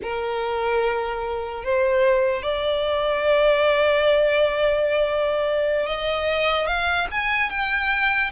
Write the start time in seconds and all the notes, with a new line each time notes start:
0.02 A#4
1.64 C5
2.42 D5
5.86 D#5
6.66 F5
7.11 G#5
7.50 G5